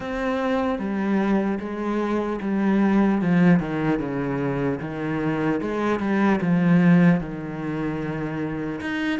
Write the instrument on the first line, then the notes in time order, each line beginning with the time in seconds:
cello
0.00 C4
0.79 G3
1.59 G#3
2.41 G3
3.21 F3
3.59 D#3
3.99 C#3
4.80 D#3
5.60 G#3
5.99 G3
6.41 F3
7.20 D#3
8.80 D#4